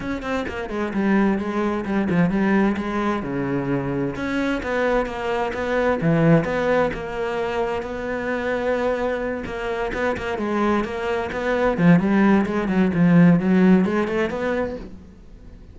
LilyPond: \new Staff \with { instrumentName = "cello" } { \time 4/4 \tempo 4 = 130 cis'8 c'8 ais8 gis8 g4 gis4 | g8 f8 g4 gis4 cis4~ | cis4 cis'4 b4 ais4 | b4 e4 b4 ais4~ |
ais4 b2.~ | b8 ais4 b8 ais8 gis4 ais8~ | ais8 b4 f8 g4 gis8 fis8 | f4 fis4 gis8 a8 b4 | }